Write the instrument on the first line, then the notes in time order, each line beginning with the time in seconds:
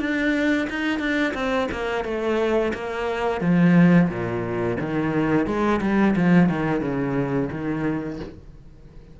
cello
0.00 D4
0.70 D#4
0.99 D4
1.35 C4
1.72 A#3
2.05 A3
2.74 A#3
3.41 F3
4.09 A#2
4.80 D#3
5.47 G#3
5.82 G3
6.16 F3
6.49 D#3
6.81 C#3
7.52 D#3